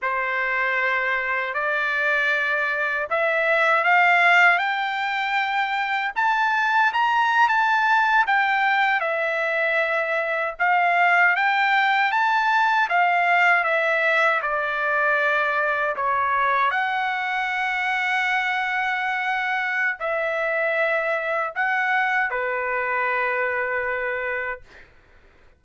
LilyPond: \new Staff \with { instrumentName = "trumpet" } { \time 4/4 \tempo 4 = 78 c''2 d''2 | e''4 f''4 g''2 | a''4 ais''8. a''4 g''4 e''16~ | e''4.~ e''16 f''4 g''4 a''16~ |
a''8. f''4 e''4 d''4~ d''16~ | d''8. cis''4 fis''2~ fis''16~ | fis''2 e''2 | fis''4 b'2. | }